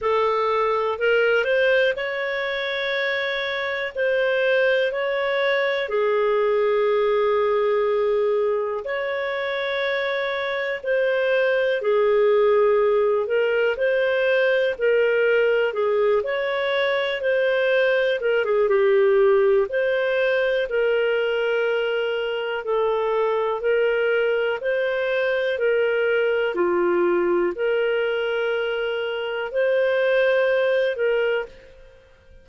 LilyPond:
\new Staff \with { instrumentName = "clarinet" } { \time 4/4 \tempo 4 = 61 a'4 ais'8 c''8 cis''2 | c''4 cis''4 gis'2~ | gis'4 cis''2 c''4 | gis'4. ais'8 c''4 ais'4 |
gis'8 cis''4 c''4 ais'16 gis'16 g'4 | c''4 ais'2 a'4 | ais'4 c''4 ais'4 f'4 | ais'2 c''4. ais'8 | }